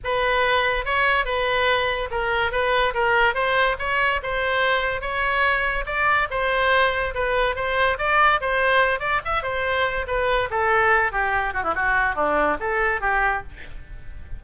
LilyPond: \new Staff \with { instrumentName = "oboe" } { \time 4/4 \tempo 4 = 143 b'2 cis''4 b'4~ | b'4 ais'4 b'4 ais'4 | c''4 cis''4 c''2 | cis''2 d''4 c''4~ |
c''4 b'4 c''4 d''4 | c''4. d''8 e''8 c''4. | b'4 a'4. g'4 fis'16 e'16 | fis'4 d'4 a'4 g'4 | }